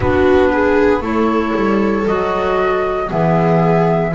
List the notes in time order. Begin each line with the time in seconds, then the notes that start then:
0.00 B3 D4 F#4 B4
0.52 G#4
1.00 A3 E4 A4 C#5
1.54 G3
2.06 F#3 F#4 D#5
3.07 E3 B3 G#4 E5